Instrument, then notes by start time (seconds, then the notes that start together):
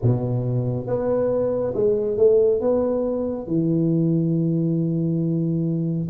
tuba
0.02 B2
0.87 B3
1.74 G#3
2.17 A3
2.60 B3
3.47 E3